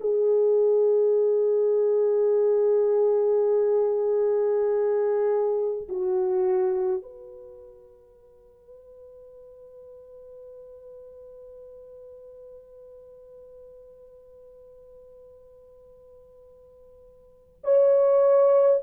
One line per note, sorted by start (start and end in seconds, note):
0.00 5.88 G#4
5.89 7.02 F#4
7.02 17.61 B4
17.64 18.81 C#5